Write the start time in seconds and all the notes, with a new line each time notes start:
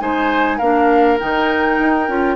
0.00 G#3 D#4 C5 G#5
0.57 A#3 D4 A#4 F5
1.19 D#3 D#4 G5
1.79 D#4
2.08 C#4 F4